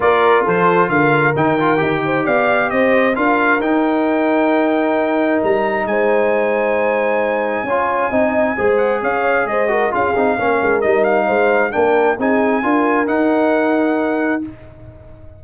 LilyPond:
<<
  \new Staff \with { instrumentName = "trumpet" } { \time 4/4 \tempo 4 = 133 d''4 c''4 f''4 g''4~ | g''4 f''4 dis''4 f''4 | g''1 | ais''4 gis''2.~ |
gis''2.~ gis''8 fis''8 | f''4 dis''4 f''2 | dis''8 f''4. g''4 gis''4~ | gis''4 fis''2. | }
  \new Staff \with { instrumentName = "horn" } { \time 4/4 ais'4 a'4 ais'2~ | ais'8 c''8 d''4 c''4 ais'4~ | ais'1~ | ais'4 c''2.~ |
c''4 cis''4 dis''4 c''4 | cis''4 c''8 ais'8 gis'4 ais'4~ | ais'4 c''4 ais'4 gis'4 | ais'1 | }
  \new Staff \with { instrumentName = "trombone" } { \time 4/4 f'2. dis'8 f'8 | g'2. f'4 | dis'1~ | dis'1~ |
dis'4 f'4 dis'4 gis'4~ | gis'4. fis'8 f'8 dis'8 cis'4 | dis'2 d'4 dis'4 | f'4 dis'2. | }
  \new Staff \with { instrumentName = "tuba" } { \time 4/4 ais4 f4 d4 dis4 | dis'4 b4 c'4 d'4 | dis'1 | g4 gis2.~ |
gis4 cis'4 c'4 gis4 | cis'4 gis4 cis'8 c'8 ais8 gis8 | g4 gis4 ais4 c'4 | d'4 dis'2. | }
>>